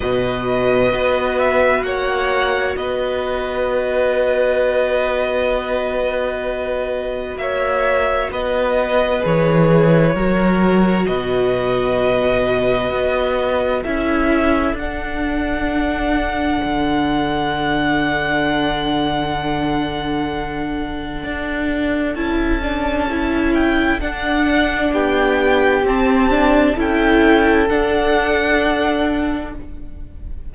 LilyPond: <<
  \new Staff \with { instrumentName = "violin" } { \time 4/4 \tempo 4 = 65 dis''4. e''8 fis''4 dis''4~ | dis''1 | e''4 dis''4 cis''2 | dis''2. e''4 |
fis''1~ | fis''1 | a''4. g''8 fis''4 g''4 | a''4 g''4 fis''2 | }
  \new Staff \with { instrumentName = "violin" } { \time 4/4 b'2 cis''4 b'4~ | b'1 | cis''4 b'2 ais'4 | b'2. a'4~ |
a'1~ | a'1~ | a'2. g'4~ | g'4 a'2. | }
  \new Staff \with { instrumentName = "viola" } { \time 4/4 fis'1~ | fis'1~ | fis'2 gis'4 fis'4~ | fis'2. e'4 |
d'1~ | d'1 | e'8 d'8 e'4 d'2 | c'8 d'8 e'4 d'2 | }
  \new Staff \with { instrumentName = "cello" } { \time 4/4 b,4 b4 ais4 b4~ | b1 | ais4 b4 e4 fis4 | b,2 b4 cis'4 |
d'2 d2~ | d2. d'4 | cis'2 d'4 b4 | c'4 cis'4 d'2 | }
>>